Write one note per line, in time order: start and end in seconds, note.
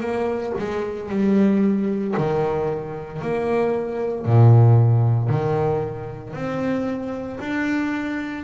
0.00 0.53 A#3
0.58 1.09 G#3
1.09 2.14 G3
2.17 3.22 D#3
3.22 4.25 A#3
4.25 5.29 A#2
5.29 6.33 D#3
6.33 7.39 C4
7.40 8.44 D4